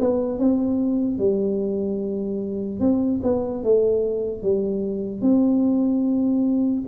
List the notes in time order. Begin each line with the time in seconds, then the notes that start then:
0.00 B3
0.39 C4
1.18 G3
2.80 C4
3.23 B3
3.63 A3
4.43 G3
5.21 C4